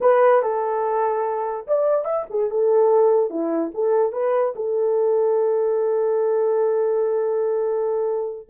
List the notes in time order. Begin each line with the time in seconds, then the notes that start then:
0.00 B4
0.42 A4
1.67 D5
2.05 E5
2.29 G#4
2.50 A4
3.30 E4
3.74 A4
4.12 B4
4.55 A4